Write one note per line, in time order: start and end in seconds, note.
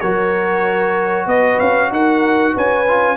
0.00 1.26 F#3
0.00 2.86 F#4
0.00 1.26 A#4
0.00 1.27 C#5
1.26 1.58 B3
1.26 1.90 B4
1.26 1.59 D#5
1.59 1.91 C#4
1.59 1.91 F5
1.91 2.54 D#4
1.91 2.54 A#4
1.91 2.56 F#5
2.54 3.16 C#4
2.54 3.16 B4
2.54 3.16 G#5
2.88 3.16 F4